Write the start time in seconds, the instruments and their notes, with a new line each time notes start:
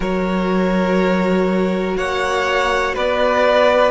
0.00 cello F#3, viola F#4, violin A#4 C#5
1.97 cello A#3, violin C#5 F#5
2.94 cello B3, violin B4 D5